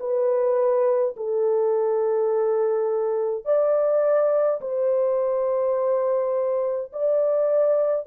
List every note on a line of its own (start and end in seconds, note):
0.00 1.15 B4
1.16 3.45 A4
3.45 4.60 D5
4.61 6.92 C5
6.93 8.07 D5